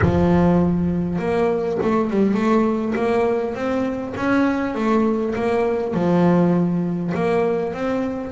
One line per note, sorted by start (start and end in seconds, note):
0.01 1.19 F3
1.19 1.78 A#3
1.82 2.10 A3
2.10 2.34 G3
2.34 2.94 A3
2.95 3.54 A#3
3.54 4.14 C4
4.16 4.74 C#4
4.74 5.34 A3
5.35 5.94 A#3
5.94 7.13 F3
7.14 7.73 A#3
7.73 8.31 C4